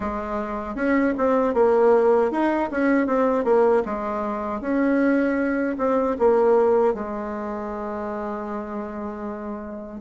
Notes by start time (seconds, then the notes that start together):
0.00 G#3
0.75 C#4
1.17 C4
1.54 A#3
2.31 D#4
2.71 C#4
3.06 C4
3.44 A#3
3.85 G#3
4.60 C#4
5.78 C4
6.18 A#3
6.94 G#3